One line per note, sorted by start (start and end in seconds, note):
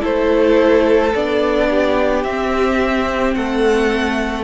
0.00 1.14 A3
0.00 1.11 E4
0.00 1.68 A4
0.00 1.15 C5
1.15 2.25 B3
1.15 2.26 D4
1.15 2.24 D5
1.70 3.37 G4
2.24 3.36 C4
2.24 4.44 C4
2.24 3.34 E5
3.34 4.44 A3
3.34 4.44 A4
3.34 4.44 F#5